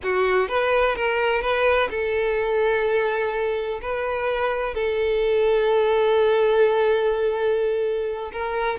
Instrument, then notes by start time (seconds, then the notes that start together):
violin
0.03 F#4
0.48 B4
0.95 A#4
1.41 B4
1.89 A4
3.81 B4
4.74 A4
8.32 A#4